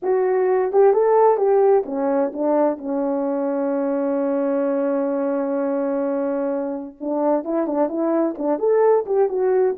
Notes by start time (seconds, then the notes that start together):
0.02 F#4
0.72 G4
0.93 A4
1.37 G4
1.85 C#4
2.33 D4
2.77 C#4
7.00 D4
7.44 E4
7.66 D4
7.88 E4
8.38 D4
8.58 A4
9.06 G4
9.29 F#4